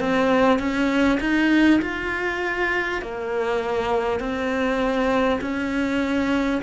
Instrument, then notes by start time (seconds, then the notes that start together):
cello
0.00 C4
0.59 C#4
1.21 D#4
1.82 F4
3.02 A#3
4.20 C4
5.42 C#4